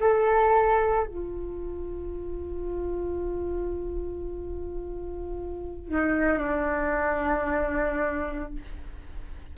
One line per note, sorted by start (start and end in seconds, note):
0.00 1.06 A4
1.06 5.88 F4
5.88 6.38 D#4
6.38 8.53 D4